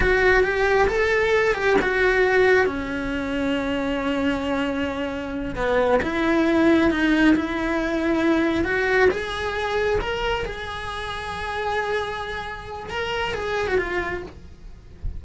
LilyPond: \new Staff \with { instrumentName = "cello" } { \time 4/4 \tempo 4 = 135 fis'4 g'4 a'4. g'8 | fis'2 cis'2~ | cis'1~ | cis'8 b4 e'2 dis'8~ |
dis'8 e'2. fis'8~ | fis'8 gis'2 ais'4 gis'8~ | gis'1~ | gis'4 ais'4 gis'8. fis'16 f'4 | }